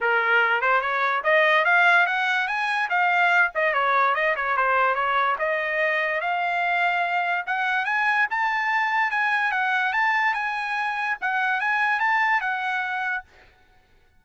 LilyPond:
\new Staff \with { instrumentName = "trumpet" } { \time 4/4 \tempo 4 = 145 ais'4. c''8 cis''4 dis''4 | f''4 fis''4 gis''4 f''4~ | f''8 dis''8 cis''4 dis''8 cis''8 c''4 | cis''4 dis''2 f''4~ |
f''2 fis''4 gis''4 | a''2 gis''4 fis''4 | a''4 gis''2 fis''4 | gis''4 a''4 fis''2 | }